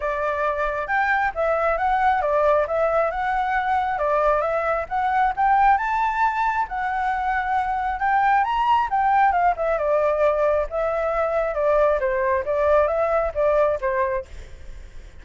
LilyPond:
\new Staff \with { instrumentName = "flute" } { \time 4/4 \tempo 4 = 135 d''2 g''4 e''4 | fis''4 d''4 e''4 fis''4~ | fis''4 d''4 e''4 fis''4 | g''4 a''2 fis''4~ |
fis''2 g''4 ais''4 | g''4 f''8 e''8 d''2 | e''2 d''4 c''4 | d''4 e''4 d''4 c''4 | }